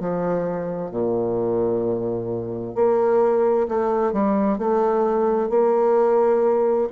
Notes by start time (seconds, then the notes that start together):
0.00 F3
0.91 A#2
2.75 A#3
3.68 A3
4.12 G3
4.58 A3
5.50 A#3